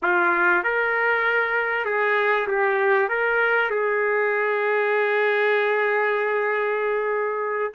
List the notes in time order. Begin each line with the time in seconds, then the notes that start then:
0.02 F4
0.63 A#4
1.85 G#4
2.47 G4
3.08 A#4
3.70 G#4